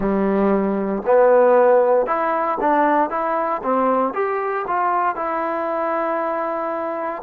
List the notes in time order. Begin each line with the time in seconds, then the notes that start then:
0.00 G3
1.05 B3
2.06 E4
2.60 D4
3.09 E4
3.63 C4
4.13 G4
4.67 F4
5.15 E4